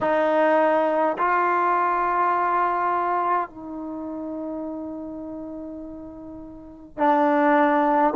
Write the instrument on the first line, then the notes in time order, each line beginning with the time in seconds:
trombone
0.00 D#4
1.18 F4
3.49 D#4
6.97 D4